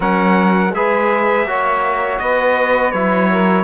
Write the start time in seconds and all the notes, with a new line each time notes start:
0.00 F#3 C#4 A#4 F#5
0.72 G#3 G#4 B4 E5
1.45 A#3 F#4 C#5
2.18 B3 B4 D#5
2.91 F#3 E4 C#5
3.31 A#4